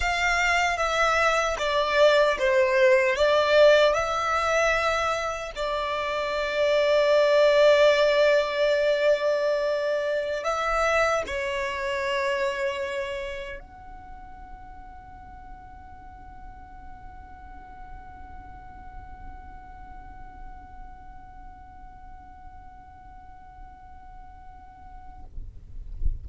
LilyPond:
\new Staff \with { instrumentName = "violin" } { \time 4/4 \tempo 4 = 76 f''4 e''4 d''4 c''4 | d''4 e''2 d''4~ | d''1~ | d''4~ d''16 e''4 cis''4.~ cis''16~ |
cis''4~ cis''16 fis''2~ fis''8.~ | fis''1~ | fis''1~ | fis''1 | }